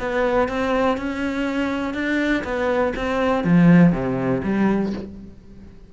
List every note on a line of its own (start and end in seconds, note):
0.00 0.49 B3
0.49 0.98 C4
0.98 1.94 C#4
1.94 2.43 D4
2.44 2.94 B3
2.96 3.44 C4
3.44 3.93 F3
3.93 4.42 C3
4.44 4.93 G3